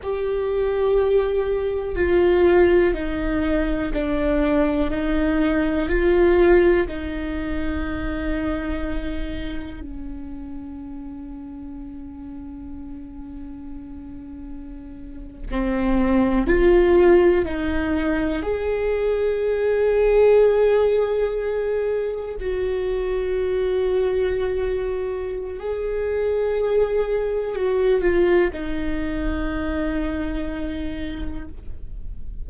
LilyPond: \new Staff \with { instrumentName = "viola" } { \time 4/4 \tempo 4 = 61 g'2 f'4 dis'4 | d'4 dis'4 f'4 dis'4~ | dis'2 cis'2~ | cis'2.~ cis'8. c'16~ |
c'8. f'4 dis'4 gis'4~ gis'16~ | gis'2~ gis'8. fis'4~ fis'16~ | fis'2 gis'2 | fis'8 f'8 dis'2. | }